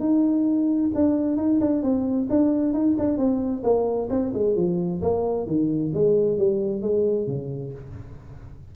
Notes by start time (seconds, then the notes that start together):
0.00 D#4
0.95 D4
1.37 D#4
1.60 D4
1.83 C4
2.30 D4
2.73 D#4
2.98 D4
3.17 C4
3.63 A#3
4.10 C4
4.34 G#3
4.56 F3
5.02 A#3
5.46 D#3
5.94 G#3
6.38 G3
6.82 G#3
7.27 C#3